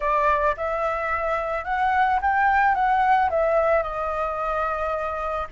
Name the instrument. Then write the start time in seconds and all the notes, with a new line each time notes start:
flute
0.00 D5
0.56 E5
1.64 F#5
2.21 G5
2.74 F#5
3.30 E5
3.82 D#5